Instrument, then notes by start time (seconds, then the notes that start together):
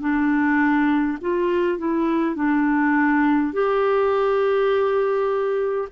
clarinet
0.00 D4
1.21 F4
1.78 E4
2.35 D4
3.52 G4